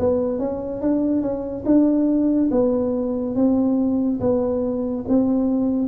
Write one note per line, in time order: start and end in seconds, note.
0.00 0.40 B3
0.40 0.81 C#4
0.81 1.22 D4
1.22 1.64 C#4
1.66 2.50 D4
2.52 3.36 B3
3.36 4.20 C4
4.21 5.05 B3
5.08 5.88 C4